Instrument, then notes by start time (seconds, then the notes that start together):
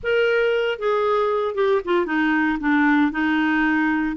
clarinet
0.03 A#4
0.78 G#4
1.55 G4
1.85 F4
2.06 D#4
2.60 D4
3.11 D#4